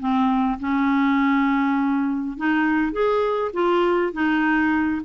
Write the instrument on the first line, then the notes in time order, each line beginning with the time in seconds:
clarinet
0.00 C4
0.60 C#4
2.37 D#4
2.93 G#4
3.54 F4
4.13 D#4